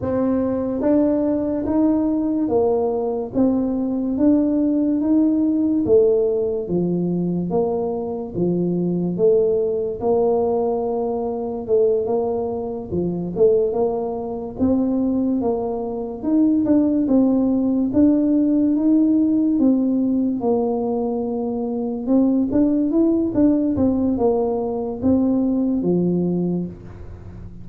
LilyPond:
\new Staff \with { instrumentName = "tuba" } { \time 4/4 \tempo 4 = 72 c'4 d'4 dis'4 ais4 | c'4 d'4 dis'4 a4 | f4 ais4 f4 a4 | ais2 a8 ais4 f8 |
a8 ais4 c'4 ais4 dis'8 | d'8 c'4 d'4 dis'4 c'8~ | c'8 ais2 c'8 d'8 e'8 | d'8 c'8 ais4 c'4 f4 | }